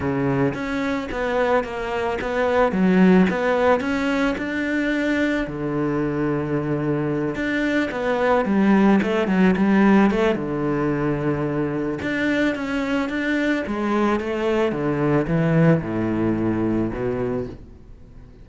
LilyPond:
\new Staff \with { instrumentName = "cello" } { \time 4/4 \tempo 4 = 110 cis4 cis'4 b4 ais4 | b4 fis4 b4 cis'4 | d'2 d2~ | d4. d'4 b4 g8~ |
g8 a8 fis8 g4 a8 d4~ | d2 d'4 cis'4 | d'4 gis4 a4 d4 | e4 a,2 b,4 | }